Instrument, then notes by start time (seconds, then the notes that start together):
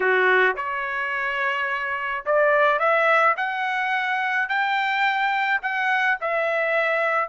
trumpet
0.00 F#4
0.56 C#5
2.25 D5
2.79 E5
3.36 F#5
4.48 G5
5.62 F#5
6.20 E5